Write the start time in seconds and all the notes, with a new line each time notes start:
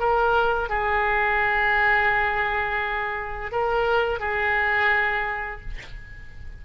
0.00 A#4
0.69 G#4
3.52 A#4
4.20 G#4